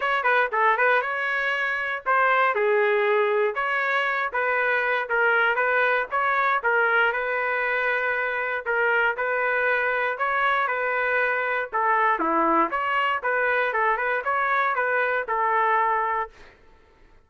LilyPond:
\new Staff \with { instrumentName = "trumpet" } { \time 4/4 \tempo 4 = 118 cis''8 b'8 a'8 b'8 cis''2 | c''4 gis'2 cis''4~ | cis''8 b'4. ais'4 b'4 | cis''4 ais'4 b'2~ |
b'4 ais'4 b'2 | cis''4 b'2 a'4 | e'4 cis''4 b'4 a'8 b'8 | cis''4 b'4 a'2 | }